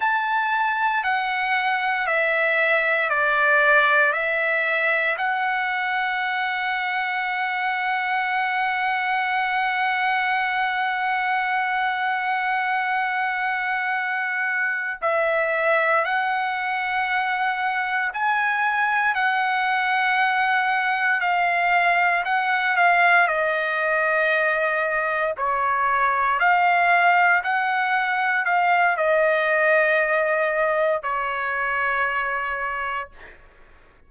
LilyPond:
\new Staff \with { instrumentName = "trumpet" } { \time 4/4 \tempo 4 = 58 a''4 fis''4 e''4 d''4 | e''4 fis''2.~ | fis''1~ | fis''2~ fis''8 e''4 fis''8~ |
fis''4. gis''4 fis''4.~ | fis''8 f''4 fis''8 f''8 dis''4.~ | dis''8 cis''4 f''4 fis''4 f''8 | dis''2 cis''2 | }